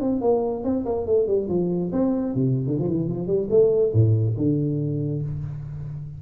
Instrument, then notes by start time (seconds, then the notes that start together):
tuba
0.00 C4
0.21 A#3
0.63 C4
0.85 A#3
1.06 A3
1.26 G3
1.48 F3
1.92 C4
2.34 C3
2.66 D3
2.78 F3
2.87 E3
3.07 F3
3.26 G3
3.50 A3
3.93 A2
4.37 D3